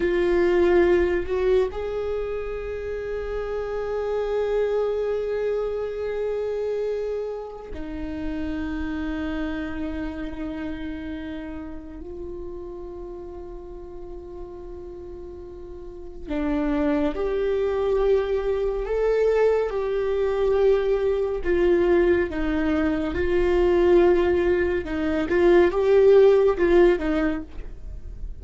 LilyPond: \new Staff \with { instrumentName = "viola" } { \time 4/4 \tempo 4 = 70 f'4. fis'8 gis'2~ | gis'1~ | gis'4 dis'2.~ | dis'2 f'2~ |
f'2. d'4 | g'2 a'4 g'4~ | g'4 f'4 dis'4 f'4~ | f'4 dis'8 f'8 g'4 f'8 dis'8 | }